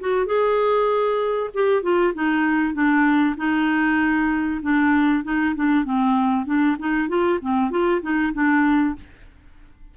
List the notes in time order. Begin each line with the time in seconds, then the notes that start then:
0.00 F#4
0.26 G#4
1.54 G4
1.82 F4
2.14 D#4
2.74 D4
3.37 D#4
4.62 D4
5.24 D#4
5.55 D4
5.85 C4
6.46 D4
6.79 D#4
7.08 F4
7.41 C4
7.70 F4
8.02 D#4
8.33 D4